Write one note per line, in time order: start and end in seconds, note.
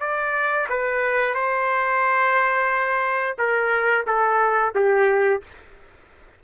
0.00 0.67 D5
0.69 1.34 B4
1.34 3.37 C5
3.38 4.05 A#4
4.06 4.74 A4
4.75 5.42 G4